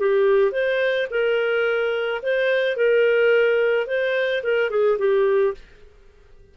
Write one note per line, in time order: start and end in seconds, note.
0.00 0.52 G4
0.52 1.08 C5
1.11 2.22 A#4
2.23 2.77 C5
2.77 3.87 A#4
3.87 4.43 C5
4.44 4.70 A#4
4.70 4.98 G#4
4.99 5.54 G4